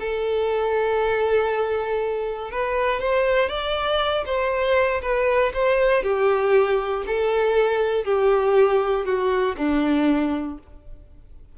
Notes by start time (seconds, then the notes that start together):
0.00 A4
2.51 B4
3.00 C5
3.49 D5
4.26 C5
5.02 B4
5.54 C5
6.03 G4
7.07 A4
8.05 G4
9.05 F#4
9.58 D4